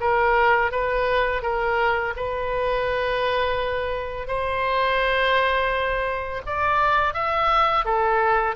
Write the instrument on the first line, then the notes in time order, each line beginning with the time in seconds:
oboe
0.00 A#4
0.71 B4
1.43 A#4
2.16 B4
4.27 C5
6.46 D5
7.14 E5
7.85 A4